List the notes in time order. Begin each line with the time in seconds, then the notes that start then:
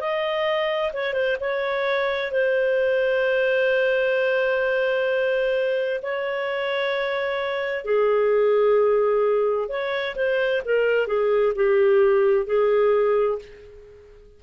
0.00 D#5
0.93 C#5
1.14 C5
1.40 C#5
2.32 C5
6.03 C#5
7.85 G#4
9.69 C#5
10.16 C5
10.65 A#4
11.07 G#4
11.56 G4
12.47 G#4